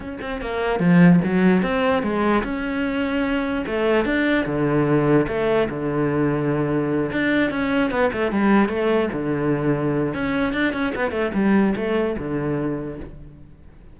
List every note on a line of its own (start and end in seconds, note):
0.00 0.18 C#4
0.21 0.41 C4
0.41 0.79 A#3
0.79 1.20 F3
1.24 1.62 F#3
1.62 2.03 C4
2.03 2.43 G#3
2.43 3.65 C#4
3.66 4.05 A3
4.05 4.45 D4
4.45 5.26 D3
5.28 5.68 A3
5.69 7.11 D3
7.11 7.50 D4
7.50 7.90 C#4
7.90 8.11 B3
8.12 8.31 A3
8.31 8.68 G3
8.68 9.09 A3
9.12 10.14 D3
10.14 10.53 C#4
10.53 10.73 D4
10.73 10.93 C#4
10.95 11.11 B3
11.11 11.31 A3
11.34 11.74 G3
11.75 12.16 A3
12.18 12.99 D3